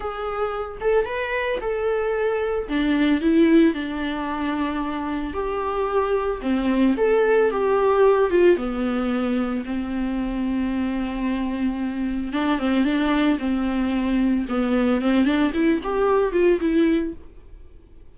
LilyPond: \new Staff \with { instrumentName = "viola" } { \time 4/4 \tempo 4 = 112 gis'4. a'8 b'4 a'4~ | a'4 d'4 e'4 d'4~ | d'2 g'2 | c'4 a'4 g'4. f'8 |
b2 c'2~ | c'2. d'8 c'8 | d'4 c'2 b4 | c'8 d'8 e'8 g'4 f'8 e'4 | }